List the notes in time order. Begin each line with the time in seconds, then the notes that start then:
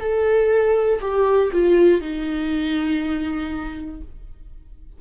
0.00 A4
1.01 G4
1.53 F4
2.01 D#4